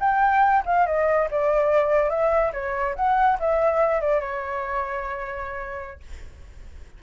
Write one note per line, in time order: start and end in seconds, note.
0.00 0.63 G5
0.66 0.86 F5
0.86 1.29 D#5
1.31 2.10 D5
2.10 2.52 E5
2.53 2.95 C#5
2.96 3.38 F#5
3.40 4.01 E5
4.01 4.21 D5
4.21 6.00 C#5